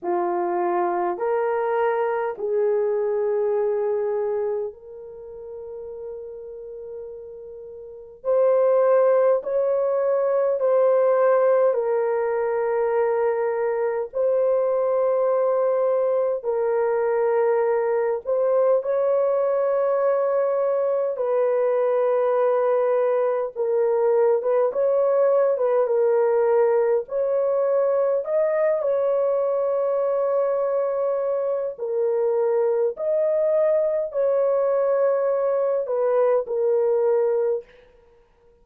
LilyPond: \new Staff \with { instrumentName = "horn" } { \time 4/4 \tempo 4 = 51 f'4 ais'4 gis'2 | ais'2. c''4 | cis''4 c''4 ais'2 | c''2 ais'4. c''8 |
cis''2 b'2 | ais'8. b'16 cis''8. b'16 ais'4 cis''4 | dis''8 cis''2~ cis''8 ais'4 | dis''4 cis''4. b'8 ais'4 | }